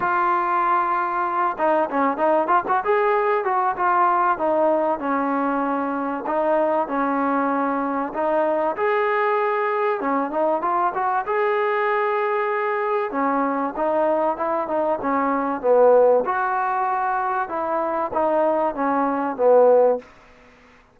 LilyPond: \new Staff \with { instrumentName = "trombone" } { \time 4/4 \tempo 4 = 96 f'2~ f'8 dis'8 cis'8 dis'8 | f'16 fis'16 gis'4 fis'8 f'4 dis'4 | cis'2 dis'4 cis'4~ | cis'4 dis'4 gis'2 |
cis'8 dis'8 f'8 fis'8 gis'2~ | gis'4 cis'4 dis'4 e'8 dis'8 | cis'4 b4 fis'2 | e'4 dis'4 cis'4 b4 | }